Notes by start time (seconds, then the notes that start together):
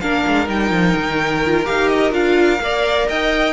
0.00 A#3 D4 A#4 F5
0.27 G#3
0.46 G3 D#4 G5
0.70 F3
0.96 D#3
1.45 F4
1.64 D#4 G4 F5
1.88 D#5
2.11 D4 F4 F5
2.60 A#3 A#4 D5
3.08 D#4 D#5 G5